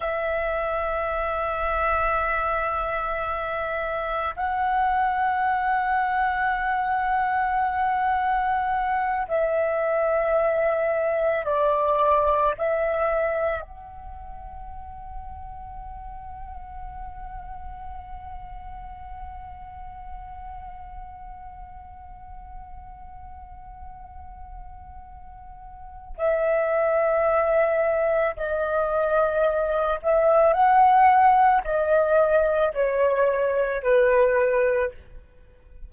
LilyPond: \new Staff \with { instrumentName = "flute" } { \time 4/4 \tempo 4 = 55 e''1 | fis''1~ | fis''8 e''2 d''4 e''8~ | e''8 fis''2.~ fis''8~ |
fis''1~ | fis''1 | e''2 dis''4. e''8 | fis''4 dis''4 cis''4 b'4 | }